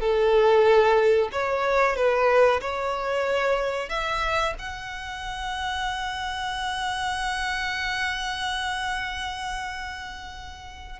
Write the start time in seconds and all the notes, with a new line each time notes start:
0.00 A4
1.32 C#5
1.96 B4
2.61 C#5
3.89 E5
4.59 F#5